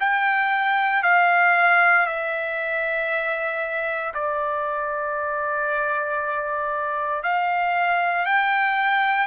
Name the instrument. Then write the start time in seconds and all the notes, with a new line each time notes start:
trumpet
0.00 G5
1.03 F5
2.06 E5
4.14 D5
7.23 F5
8.26 G5